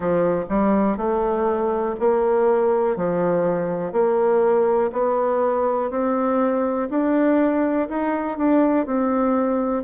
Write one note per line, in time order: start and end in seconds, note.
0.00 0.44 F3
0.49 0.97 G3
0.97 1.95 A3
1.99 2.96 A#3
2.96 3.92 F3
3.92 4.90 A#3
4.92 5.90 B3
5.90 6.89 C4
6.90 7.88 D4
7.88 8.37 D#4
8.37 8.85 D4
8.85 9.83 C4